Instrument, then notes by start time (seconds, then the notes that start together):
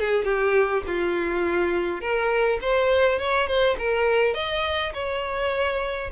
violin
0.00 G#4
0.25 G4
0.87 F4
2.01 A#4
2.62 C5
3.19 C#5
3.48 C5
3.79 A#4
4.35 D#5
4.94 C#5